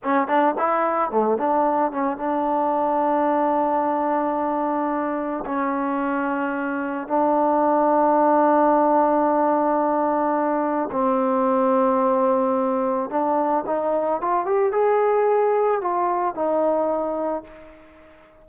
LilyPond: \new Staff \with { instrumentName = "trombone" } { \time 4/4 \tempo 4 = 110 cis'8 d'8 e'4 a8 d'4 cis'8 | d'1~ | d'2 cis'2~ | cis'4 d'2.~ |
d'1 | c'1 | d'4 dis'4 f'8 g'8 gis'4~ | gis'4 f'4 dis'2 | }